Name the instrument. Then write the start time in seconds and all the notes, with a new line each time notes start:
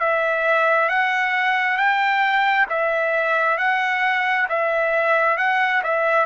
trumpet
0.00 E5
0.90 F#5
1.77 G5
2.69 E5
3.58 F#5
4.49 E5
5.38 F#5
5.84 E5